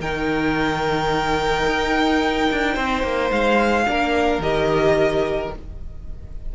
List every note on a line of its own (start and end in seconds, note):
0.00 1.65 D#3
0.00 3.86 D#4
0.00 2.74 A#4
0.00 3.31 G5
1.66 2.48 D#4
2.51 2.76 D4
2.74 3.03 C4
2.74 3.84 C5
3.03 3.30 A#3
3.31 3.86 G#3
3.31 4.41 F5
3.86 4.39 A#3
3.86 4.41 D4
3.86 5.55 A#4
4.39 5.49 D#3
4.39 5.52 G4
4.39 5.52 D#5